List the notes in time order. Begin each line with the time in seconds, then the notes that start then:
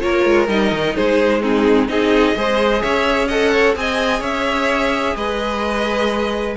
0.00 A#3 F4 A#4 C#5
0.25 G#3
0.48 G3 D#4 D#5
0.71 D#3
0.96 G#3 G#4 C5
1.41 C4 D#4 G#4
1.88 C4 D#4 G#4 D#5
2.36 G#3 G#4 C5
2.82 C#4 C#5 E5
3.28 A4 D#5 F#5
3.52 C#5
3.75 C4 G#4 D#5 G#5
4.20 C#4 C#5 E5
5.15 G#3 B4 D#5